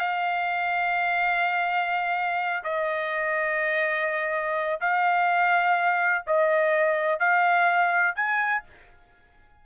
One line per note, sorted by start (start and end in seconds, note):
0.00 2.64 F5
2.64 4.80 D#5
4.81 6.25 F5
6.27 7.20 D#5
7.20 8.16 F5
8.16 8.64 G#5